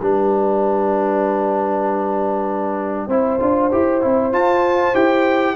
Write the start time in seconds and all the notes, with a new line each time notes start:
0.00 G3 D4 B4 G5
3.07 C4 E4 C5
3.39 D4 F4
3.71 E4 G4
4.01 C4 E4
4.31 F4 A5
4.94 E4 G4 G5